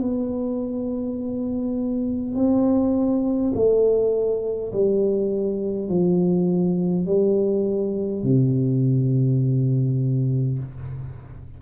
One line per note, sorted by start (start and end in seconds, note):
0.00 2.35 B3
2.35 3.52 C4
3.54 4.72 A3
4.72 5.88 G3
5.88 7.06 F3
7.06 8.23 G3
8.23 10.58 C3